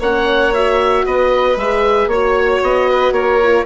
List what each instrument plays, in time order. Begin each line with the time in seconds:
0.00 bassoon A#3, horn C#4, violin C#5, oboe F#5
0.53 horn F#4, oboe E5
1.05 bassoon B3, violin B4, oboe D#5
1.56 bassoon G#3, horn G#4, oboe E5
2.07 bassoon A#3, horn F#4, oboe C#5, violin C#5
2.62 bassoon B3, oboe D#5
2.90 violin B4
3.11 bassoon A#3, violin A#4, oboe C#5
3.43 horn F4